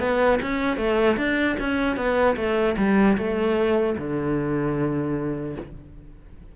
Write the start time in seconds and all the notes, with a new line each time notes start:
0.00 B3
0.42 C#4
0.77 A3
1.17 D4
1.60 C#4
1.96 B3
2.36 A3
2.77 G3
3.17 A3
3.98 D3